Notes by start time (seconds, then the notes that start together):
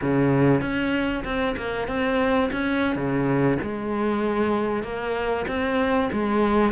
0.01 C#3
0.61 C#4
1.24 C4
1.56 A#3
1.87 C4
2.52 C#4
2.95 C#3
3.62 G#3
4.83 A#3
5.47 C4
6.12 G#3